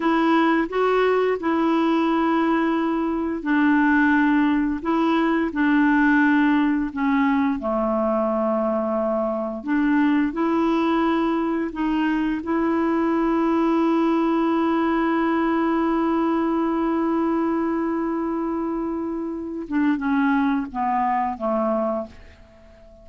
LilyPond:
\new Staff \with { instrumentName = "clarinet" } { \time 4/4 \tempo 4 = 87 e'4 fis'4 e'2~ | e'4 d'2 e'4 | d'2 cis'4 a4~ | a2 d'4 e'4~ |
e'4 dis'4 e'2~ | e'1~ | e'1~ | e'8 d'8 cis'4 b4 a4 | }